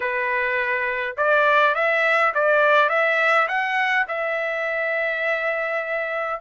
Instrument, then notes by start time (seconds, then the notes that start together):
trumpet
0.00 B4
1.17 D5
1.74 E5
2.34 D5
2.89 E5
3.47 F#5
4.08 E5